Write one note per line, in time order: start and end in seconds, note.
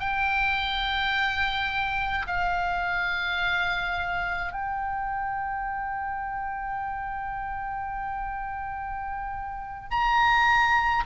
0.00 2.26 G5
2.27 4.52 F5
4.52 9.90 G5
9.91 11.04 A#5